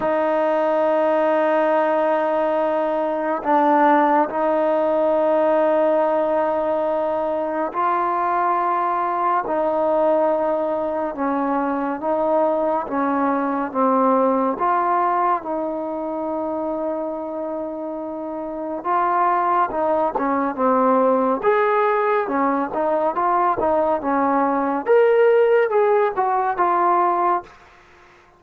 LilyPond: \new Staff \with { instrumentName = "trombone" } { \time 4/4 \tempo 4 = 70 dis'1 | d'4 dis'2.~ | dis'4 f'2 dis'4~ | dis'4 cis'4 dis'4 cis'4 |
c'4 f'4 dis'2~ | dis'2 f'4 dis'8 cis'8 | c'4 gis'4 cis'8 dis'8 f'8 dis'8 | cis'4 ais'4 gis'8 fis'8 f'4 | }